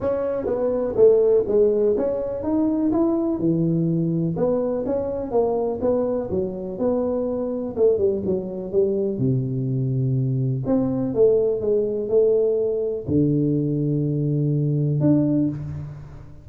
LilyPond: \new Staff \with { instrumentName = "tuba" } { \time 4/4 \tempo 4 = 124 cis'4 b4 a4 gis4 | cis'4 dis'4 e'4 e4~ | e4 b4 cis'4 ais4 | b4 fis4 b2 |
a8 g8 fis4 g4 c4~ | c2 c'4 a4 | gis4 a2 d4~ | d2. d'4 | }